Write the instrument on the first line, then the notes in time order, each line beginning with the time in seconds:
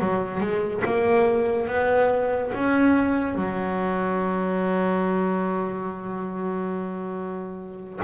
double bass
0.00 F#3
0.40 G#3
0.85 A#3
1.68 B3
2.54 C#4
3.35 F#3